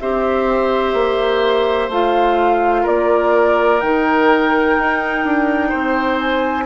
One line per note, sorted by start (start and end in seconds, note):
0.00 0.93 C4
0.00 1.91 G4
0.00 2.83 C5
0.00 1.90 E5
0.93 1.89 A#3
1.89 2.84 A3
1.89 3.81 F4
1.89 2.87 F5
2.83 3.82 A#3
2.83 5.68 A#4
2.83 3.80 D5
3.80 4.78 D#3
3.80 6.66 D#4
3.80 6.18 G5
4.78 5.25 D#4
5.25 5.72 D4
5.68 6.66 C4
5.68 6.64 C5
6.19 6.66 G#5